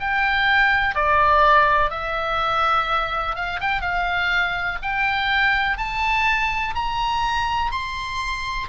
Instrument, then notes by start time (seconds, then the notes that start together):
oboe
0.00 G5
0.95 D5
1.90 E5
3.36 F5
3.61 G5
3.82 F5
4.83 G5
5.78 A5
6.75 A#5
7.72 C6